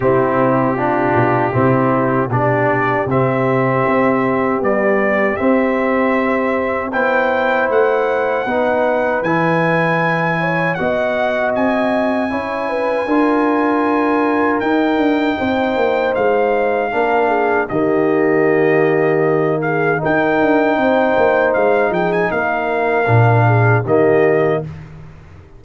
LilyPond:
<<
  \new Staff \with { instrumentName = "trumpet" } { \time 4/4 \tempo 4 = 78 g'2. d''4 | e''2 d''4 e''4~ | e''4 g''4 fis''2 | gis''2 fis''4 gis''4~ |
gis''2. g''4~ | g''4 f''2 dis''4~ | dis''4. f''8 g''2 | f''8 g''16 gis''16 f''2 dis''4 | }
  \new Staff \with { instrumentName = "horn" } { \time 4/4 e'4 f'4 e'4 g'4~ | g'1~ | g'4 c''2 b'4~ | b'4. cis''8 dis''2 |
cis''8 b'8 ais'2. | c''2 ais'8 gis'8 g'4~ | g'4. gis'8 ais'4 c''4~ | c''8 gis'8 ais'4. gis'8 g'4 | }
  \new Staff \with { instrumentName = "trombone" } { \time 4/4 c'4 d'4 c'4 d'4 | c'2 g4 c'4~ | c'4 e'2 dis'4 | e'2 fis'2 |
e'4 f'2 dis'4~ | dis'2 d'4 ais4~ | ais2 dis'2~ | dis'2 d'4 ais4 | }
  \new Staff \with { instrumentName = "tuba" } { \time 4/4 c4. b,8 c4 b,4 | c4 c'4 b4 c'4~ | c'4 b4 a4 b4 | e2 b4 c'4 |
cis'4 d'2 dis'8 d'8 | c'8 ais8 gis4 ais4 dis4~ | dis2 dis'8 d'8 c'8 ais8 | gis8 f8 ais4 ais,4 dis4 | }
>>